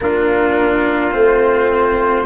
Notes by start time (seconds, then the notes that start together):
0.00 A#3 D4 F4 A#4
1.11 A3 C4 C5